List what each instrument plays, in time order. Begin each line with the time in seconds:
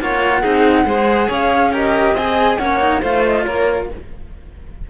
0.00 cello A#3 F4, violin C#5, flute F#5
0.41 cello C4 D#4, violin G#4
0.85 cello G#3 G#4, violin C5
1.28 cello C#4, violin C#5, flute F5
1.72 cello G4, violin A#4, flute D#5
2.14 cello C4 G#4, violin D#5, flute G#5
2.58 cello A#3 C#4, violin C#5, flute F#5
2.79 cello D#4
3.01 cello A3 F4, violin C5, flute F5
3.24 flute D#5
3.44 cello A#3, violin A#4, flute C#5